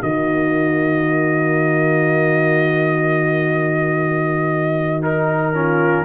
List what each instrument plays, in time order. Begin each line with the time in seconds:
0.00 tuba D#3, trombone A#3, horn F#4, trumpet D#5
5.01 trombone D#4, trumpet A#4
5.54 trombone C#4, horn F4